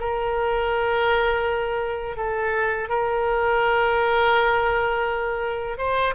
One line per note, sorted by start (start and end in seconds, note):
0.00 2.17 A#4
2.17 2.89 A4
2.89 5.78 A#4
5.78 6.14 C5